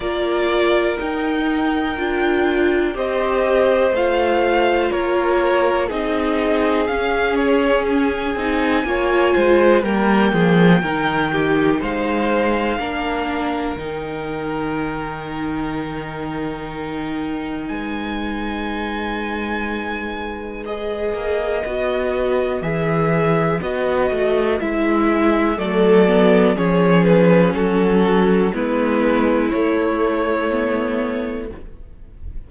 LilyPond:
<<
  \new Staff \with { instrumentName = "violin" } { \time 4/4 \tempo 4 = 61 d''4 g''2 dis''4 | f''4 cis''4 dis''4 f''8 cis''8 | gis''2 g''2 | f''2 g''2~ |
g''2 gis''2~ | gis''4 dis''2 e''4 | dis''4 e''4 d''4 cis''8 b'8 | a'4 b'4 cis''2 | }
  \new Staff \with { instrumentName = "violin" } { \time 4/4 ais'2. c''4~ | c''4 ais'4 gis'2~ | gis'4 cis''8 c''8 ais'8 gis'8 ais'8 g'8 | c''4 ais'2.~ |
ais'2 b'2~ | b'1~ | b'2 a'4 gis'4 | fis'4 e'2. | }
  \new Staff \with { instrumentName = "viola" } { \time 4/4 f'4 dis'4 f'4 g'4 | f'2 dis'4 cis'4~ | cis'8 dis'8 f'4 ais4 dis'4~ | dis'4 d'4 dis'2~ |
dis'1~ | dis'4 gis'4 fis'4 gis'4 | fis'4 e'4 a8 b8 cis'4~ | cis'4 b4 a4 b4 | }
  \new Staff \with { instrumentName = "cello" } { \time 4/4 ais4 dis'4 d'4 c'4 | a4 ais4 c'4 cis'4~ | cis'8 c'8 ais8 gis8 g8 f8 dis4 | gis4 ais4 dis2~ |
dis2 gis2~ | gis4. ais8 b4 e4 | b8 a8 gis4 fis4 f4 | fis4 gis4 a2 | }
>>